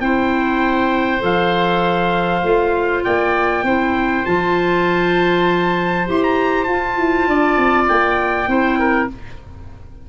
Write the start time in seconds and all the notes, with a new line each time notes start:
0.00 C4 E4 C5 G5
1.19 F3 A4 F5
2.43 A3 F4
3.04 A#3 D5 G5
3.63 C4 E4 C5
4.25 F3 F4 A5
6.06 E4 G4 C6
6.23 A#5
6.63 F4 A5
6.69 F4
6.97 E4
7.28 D4 D5
7.57 C4
7.88 A#3 G5
8.47 C4 E4 C5
8.78 A#4